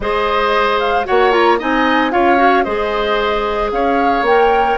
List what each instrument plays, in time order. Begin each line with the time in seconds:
0.00 bassoon G#3, clarinet G#4, oboe C5, flute D#5
0.79 flute F5
1.05 bassoon A#3, clarinet F#4, oboe C#5, flute F#5
1.31 clarinet F4, flute A#5
1.58 bassoon C4, clarinet D#4, oboe D#5, flute G#5
2.10 bassoon C#4, clarinet F4, oboe C#5, flute F5
2.37 clarinet F#4
2.63 bassoon G#3, clarinet G#4, oboe C5, flute D#5
3.71 bassoon C#4, oboe C#5, flute F5
4.21 bassoon A#3, clarinet A#4, flute G5